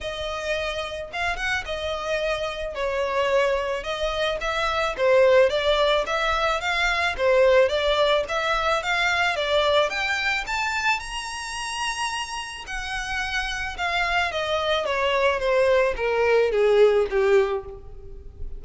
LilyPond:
\new Staff \with { instrumentName = "violin" } { \time 4/4 \tempo 4 = 109 dis''2 f''8 fis''8 dis''4~ | dis''4 cis''2 dis''4 | e''4 c''4 d''4 e''4 | f''4 c''4 d''4 e''4 |
f''4 d''4 g''4 a''4 | ais''2. fis''4~ | fis''4 f''4 dis''4 cis''4 | c''4 ais'4 gis'4 g'4 | }